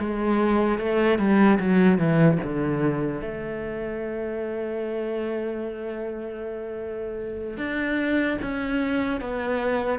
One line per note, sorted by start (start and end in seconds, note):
0.00 0.79 G#3
0.79 1.19 A3
1.19 1.59 G3
1.60 1.99 F#3
1.99 2.39 E3
2.44 3.22 D3
3.22 7.57 A3
7.57 8.37 D4
8.42 9.21 C#4
9.21 9.99 B3